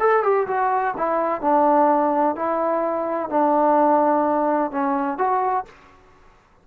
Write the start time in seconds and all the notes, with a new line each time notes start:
0.00 A4
0.23 G4
0.47 F#4
0.97 E4
1.41 D4
2.36 E4
3.30 D4
4.71 C#4
5.18 F#4